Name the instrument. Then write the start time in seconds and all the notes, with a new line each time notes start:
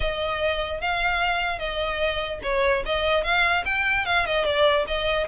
violin
0.00 D#5
0.80 F5
1.58 D#5
2.43 C#5
2.85 D#5
3.23 F5
3.65 G5
4.05 F5
4.25 D#5
4.45 D5
4.87 D#5